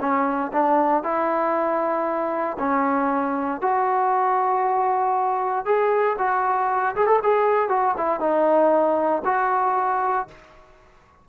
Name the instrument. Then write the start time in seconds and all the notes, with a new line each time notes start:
trombone
0.00 C#4
0.52 D4
1.03 E4
2.59 C#4
3.61 F#4
5.65 G#4
6.18 F#4
6.95 G#4
7.06 A4
7.22 G#4
7.69 F#4
7.97 E4
8.20 D#4
9.24 F#4